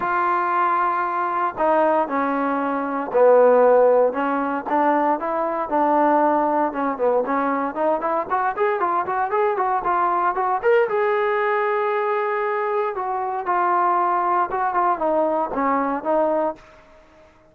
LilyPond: \new Staff \with { instrumentName = "trombone" } { \time 4/4 \tempo 4 = 116 f'2. dis'4 | cis'2 b2 | cis'4 d'4 e'4 d'4~ | d'4 cis'8 b8 cis'4 dis'8 e'8 |
fis'8 gis'8 f'8 fis'8 gis'8 fis'8 f'4 | fis'8 ais'8 gis'2.~ | gis'4 fis'4 f'2 | fis'8 f'8 dis'4 cis'4 dis'4 | }